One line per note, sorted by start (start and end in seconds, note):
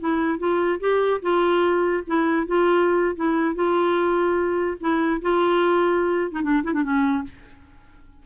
0.00 0.39 E4
0.39 0.80 F4
0.80 1.21 G4
1.22 2.04 F4
2.07 2.47 E4
2.47 3.16 F4
3.16 3.56 E4
3.56 4.78 F4
4.81 5.22 E4
5.22 6.32 F4
6.32 6.42 D#4
6.43 6.64 D4
6.64 6.74 E4
6.74 6.84 D4
6.84 7.25 C#4